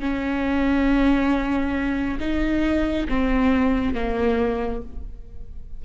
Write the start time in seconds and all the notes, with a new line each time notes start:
0.00 C#4
2.20 D#4
3.08 C4
3.94 A#3